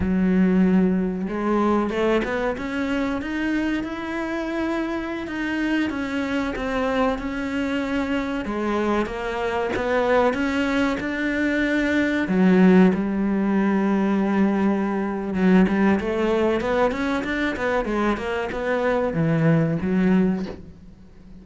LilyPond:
\new Staff \with { instrumentName = "cello" } { \time 4/4 \tempo 4 = 94 fis2 gis4 a8 b8 | cis'4 dis'4 e'2~ | e'16 dis'4 cis'4 c'4 cis'8.~ | cis'4~ cis'16 gis4 ais4 b8.~ |
b16 cis'4 d'2 fis8.~ | fis16 g2.~ g8. | fis8 g8 a4 b8 cis'8 d'8 b8 | gis8 ais8 b4 e4 fis4 | }